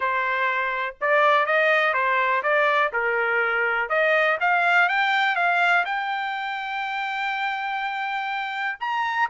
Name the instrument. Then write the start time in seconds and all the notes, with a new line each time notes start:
trumpet
0.00 C5
1.00 D5
1.45 D#5
1.93 C5
2.43 D5
2.92 A#4
3.89 D#5
4.40 F5
4.88 G5
5.35 F5
5.85 G5
8.80 A#5